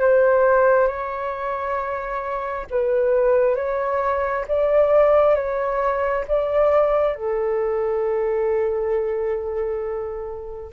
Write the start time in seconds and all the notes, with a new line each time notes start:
0.00 C5
0.87 C#5
2.70 B4
3.55 C#5
4.47 D5
5.34 C#5
6.28 D5
7.14 A4